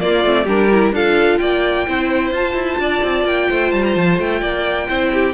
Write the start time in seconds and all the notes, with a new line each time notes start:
0.00 A#3 F4 D5
0.24 A3 C4
0.44 G3 D4 G4 A#4
0.72 E4
0.92 D4 F4 A4 F5
1.38 A#3 D5 G5
1.88 C4 E4 C5
2.31 F4 A5
2.54 E4
2.78 D4 D5
3.03 C4
3.25 A#3 G5
3.49 A3 C5
3.72 G3 A5
3.84 A#5
3.95 F3 A5
4.19 A3 G5
4.41 A#3 D5
4.88 C4 E4 C5
5.13 G4